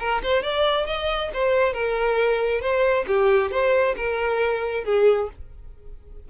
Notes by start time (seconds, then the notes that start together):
0.00 A#4
0.23 C5
0.43 D5
0.87 D#5
1.34 C5
1.73 A#4
2.61 C5
3.08 G4
3.51 C5
3.96 A#4
4.85 G#4